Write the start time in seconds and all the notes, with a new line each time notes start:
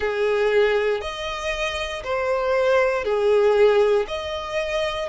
0.00 G#4
1.01 D#5
2.03 C5
3.04 G#4
4.07 D#5